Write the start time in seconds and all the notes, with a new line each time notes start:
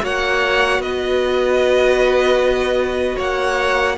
0.00 A#3 F#4 C#5 F#5
0.79 B3 B4 D#5
3.17 A#3 C#5 F#5